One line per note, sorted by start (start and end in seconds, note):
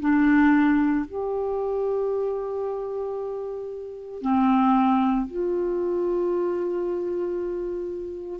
0.00 1.05 D4
1.06 4.22 G4
4.22 5.27 C4
5.27 8.40 F4